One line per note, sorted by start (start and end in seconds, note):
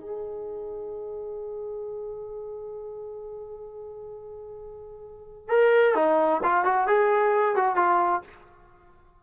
0.00 5.49 G#4
5.49 5.95 A#4
5.95 6.41 D#4
6.43 6.65 F4
6.65 6.87 F#4
6.87 7.56 G#4
7.56 7.76 F#4
7.76 8.22 F4